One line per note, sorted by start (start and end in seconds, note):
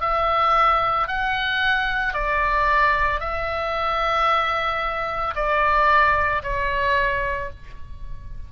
0.00 1.07 E5
1.07 2.13 F#5
2.13 3.20 D5
3.20 5.34 E5
5.35 6.42 D5
6.42 7.50 C#5